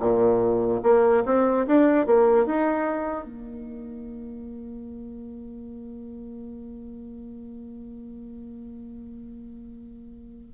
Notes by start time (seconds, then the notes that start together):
0.00 A#2
0.83 A#3
1.26 C4
1.67 D4
2.06 A#3
2.45 D#4
3.25 A#3